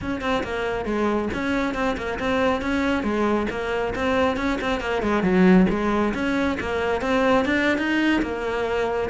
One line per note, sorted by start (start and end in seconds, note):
0.01 0.21 C#4
0.21 0.43 C4
0.43 0.85 A#3
0.85 1.28 G#3
1.33 1.74 C#4
1.74 1.96 C4
1.97 2.19 A#3
2.19 2.61 C4
2.61 3.03 C#4
3.03 3.47 G#3
3.50 3.94 A#3
3.95 4.37 C4
4.37 4.58 C#4
4.61 4.80 C4
4.80 5.02 A#3
5.02 5.22 G#3
5.22 5.66 F#3
5.69 6.13 G#3
6.14 6.58 C#4
6.60 7.01 A#3
7.01 7.45 C4
7.45 7.77 D4
7.77 8.21 D#4
8.22 9.09 A#3